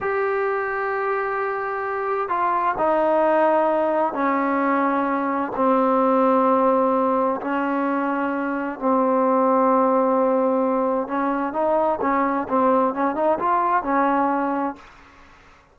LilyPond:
\new Staff \with { instrumentName = "trombone" } { \time 4/4 \tempo 4 = 130 g'1~ | g'4 f'4 dis'2~ | dis'4 cis'2. | c'1 |
cis'2. c'4~ | c'1 | cis'4 dis'4 cis'4 c'4 | cis'8 dis'8 f'4 cis'2 | }